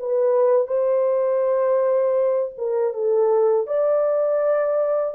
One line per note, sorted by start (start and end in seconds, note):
0.00 0.68 B4
0.68 2.53 C5
2.58 2.94 A#4
2.94 3.67 A4
3.67 5.15 D5